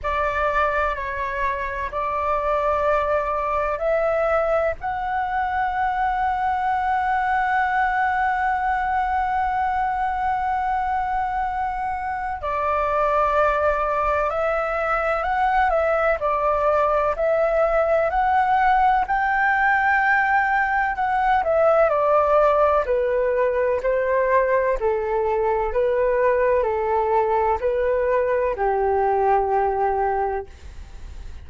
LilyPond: \new Staff \with { instrumentName = "flute" } { \time 4/4 \tempo 4 = 63 d''4 cis''4 d''2 | e''4 fis''2.~ | fis''1~ | fis''4 d''2 e''4 |
fis''8 e''8 d''4 e''4 fis''4 | g''2 fis''8 e''8 d''4 | b'4 c''4 a'4 b'4 | a'4 b'4 g'2 | }